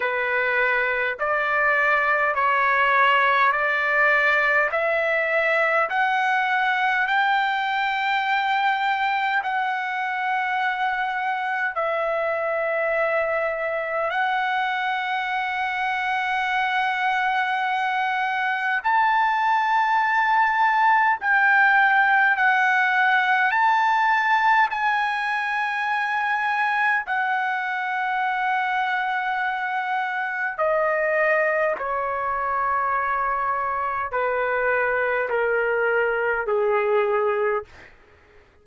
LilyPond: \new Staff \with { instrumentName = "trumpet" } { \time 4/4 \tempo 4 = 51 b'4 d''4 cis''4 d''4 | e''4 fis''4 g''2 | fis''2 e''2 | fis''1 |
a''2 g''4 fis''4 | a''4 gis''2 fis''4~ | fis''2 dis''4 cis''4~ | cis''4 b'4 ais'4 gis'4 | }